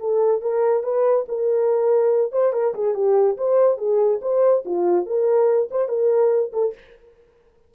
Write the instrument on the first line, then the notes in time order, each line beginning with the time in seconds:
horn
0.00 A4
0.42 A#4
0.84 B4
1.29 A#4
2.32 C5
2.53 A#4
2.75 G#4
2.95 G4
3.38 C5
3.78 G#4
4.22 C5
4.65 F4
5.06 A#4
5.71 C5
5.89 A#4
6.53 A4